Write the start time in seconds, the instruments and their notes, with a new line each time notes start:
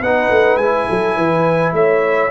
0.00 tuba B3, trombone D#4, horn B4, trumpet F#5
0.29 tuba A3
0.56 tuba G#3, trombone E4, trumpet G#5
0.87 tuba F#3, horn A4
1.16 tuba E3, horn B4
1.72 tuba A3, horn C#5, trumpet E5